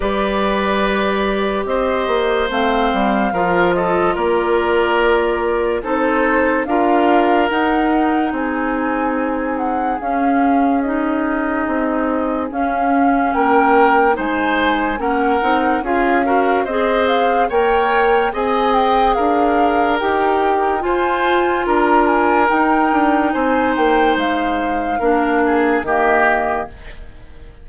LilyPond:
<<
  \new Staff \with { instrumentName = "flute" } { \time 4/4 \tempo 4 = 72 d''2 dis''4 f''4~ | f''8 dis''8 d''2 c''4 | f''4 fis''4 gis''4. fis''8 | f''4 dis''2 f''4 |
g''4 gis''4 fis''4 f''4 | dis''8 f''8 g''4 gis''8 g''8 f''4 | g''4 gis''4 ais''8 gis''8 g''4 | gis''8 g''8 f''2 dis''4 | }
  \new Staff \with { instrumentName = "oboe" } { \time 4/4 b'2 c''2 | ais'8 a'8 ais'2 a'4 | ais'2 gis'2~ | gis'1 |
ais'4 c''4 ais'4 gis'8 ais'8 | c''4 cis''4 dis''4 ais'4~ | ais'4 c''4 ais'2 | c''2 ais'8 gis'8 g'4 | }
  \new Staff \with { instrumentName = "clarinet" } { \time 4/4 g'2. c'4 | f'2. dis'4 | f'4 dis'2. | cis'4 dis'2 cis'4~ |
cis'4 dis'4 cis'8 dis'8 f'8 fis'8 | gis'4 ais'4 gis'2 | g'4 f'2 dis'4~ | dis'2 d'4 ais4 | }
  \new Staff \with { instrumentName = "bassoon" } { \time 4/4 g2 c'8 ais8 a8 g8 | f4 ais2 c'4 | d'4 dis'4 c'2 | cis'2 c'4 cis'4 |
ais4 gis4 ais8 c'8 cis'4 | c'4 ais4 c'4 d'4 | dis'4 f'4 d'4 dis'8 d'8 | c'8 ais8 gis4 ais4 dis4 | }
>>